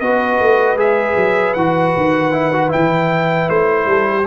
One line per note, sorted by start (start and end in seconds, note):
0.00 0.39 B3
0.00 0.77 F#4
0.00 3.88 B4
0.00 0.77 D#5
0.40 0.75 A3
0.75 1.14 G#3
0.75 1.54 G#4
0.75 1.54 E5
1.16 1.54 F#3
1.54 1.94 E3
1.54 2.32 F#4
1.54 2.69 F#5
1.96 2.73 D#3
2.32 2.51 E4
2.52 2.69 F#4
2.69 3.49 E3
2.69 4.23 E4
2.69 3.49 G5
3.49 3.86 A3
3.49 4.26 C5
3.86 4.24 G3
3.86 4.08 A4
4.09 4.27 G4